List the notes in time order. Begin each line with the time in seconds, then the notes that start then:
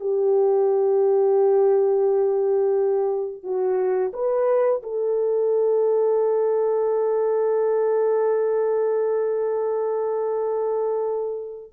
0.00 G4
3.43 F#4
4.13 B4
4.83 A4